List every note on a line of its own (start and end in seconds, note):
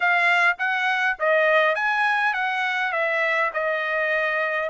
0.00 0.56 F5
0.58 1.17 F#5
1.19 1.75 D#5
1.75 2.33 G#5
2.33 2.92 F#5
2.92 3.51 E5
3.53 4.69 D#5